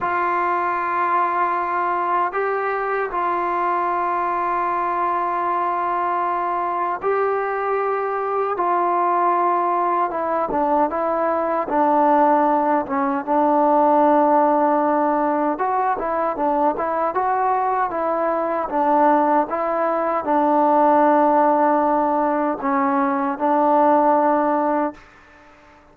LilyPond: \new Staff \with { instrumentName = "trombone" } { \time 4/4 \tempo 4 = 77 f'2. g'4 | f'1~ | f'4 g'2 f'4~ | f'4 e'8 d'8 e'4 d'4~ |
d'8 cis'8 d'2. | fis'8 e'8 d'8 e'8 fis'4 e'4 | d'4 e'4 d'2~ | d'4 cis'4 d'2 | }